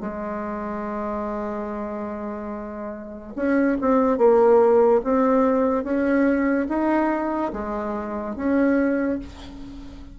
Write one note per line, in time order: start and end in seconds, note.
0.00 3.33 G#3
3.36 3.78 C#4
3.81 4.18 C4
4.18 5.01 A#3
5.04 5.84 C4
5.84 6.67 C#4
6.69 7.52 D#4
7.53 8.36 G#3
8.36 9.19 C#4